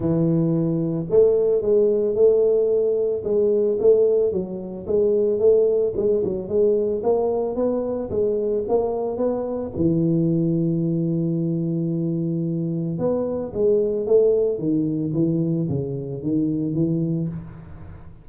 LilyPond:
\new Staff \with { instrumentName = "tuba" } { \time 4/4 \tempo 4 = 111 e2 a4 gis4 | a2 gis4 a4 | fis4 gis4 a4 gis8 fis8 | gis4 ais4 b4 gis4 |
ais4 b4 e2~ | e1 | b4 gis4 a4 dis4 | e4 cis4 dis4 e4 | }